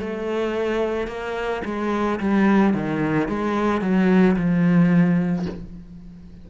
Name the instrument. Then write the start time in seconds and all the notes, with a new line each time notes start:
cello
0.00 A3
1.08 A#3
1.65 G#3
2.20 G3
2.74 D#3
3.28 G#3
3.81 F#3
4.36 F3